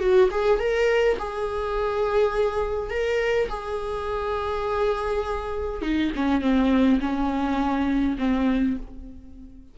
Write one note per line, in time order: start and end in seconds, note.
0.00 0.29 F#4
0.31 0.59 G#4
0.59 1.17 A#4
1.18 2.90 G#4
2.90 3.48 A#4
3.49 5.82 G#4
5.82 6.11 D#4
6.16 6.41 C#4
6.41 7.00 C4
7.00 8.17 C#4
8.18 8.76 C4